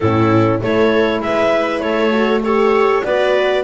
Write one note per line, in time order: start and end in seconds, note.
0.00 0.61 A2
0.00 0.60 C#4
0.00 0.61 E4
0.00 0.59 A4
0.60 1.20 A3
0.60 2.12 E4
0.60 1.23 A4
0.60 1.20 C#5
1.20 1.80 G#3
1.20 1.82 B4
1.20 1.80 E5
1.80 3.01 A3
1.80 2.43 A4
1.80 2.40 C#5
2.12 2.42 F#4
2.42 3.04 G4
2.42 3.03 A4
2.42 3.04 C#5
3.03 3.64 B3
3.03 3.64 F#4
3.03 3.64 B4
3.03 3.64 D5